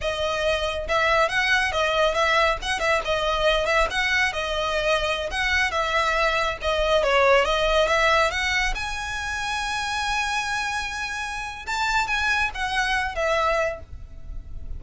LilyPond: \new Staff \with { instrumentName = "violin" } { \time 4/4 \tempo 4 = 139 dis''2 e''4 fis''4 | dis''4 e''4 fis''8 e''8 dis''4~ | dis''8 e''8 fis''4 dis''2~ | dis''16 fis''4 e''2 dis''8.~ |
dis''16 cis''4 dis''4 e''4 fis''8.~ | fis''16 gis''2.~ gis''8.~ | gis''2. a''4 | gis''4 fis''4. e''4. | }